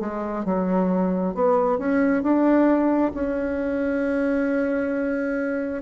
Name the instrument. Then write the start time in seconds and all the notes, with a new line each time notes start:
bassoon
0.00 G#3
0.44 F#3
1.34 B3
1.78 C#4
2.22 D4
3.13 C#4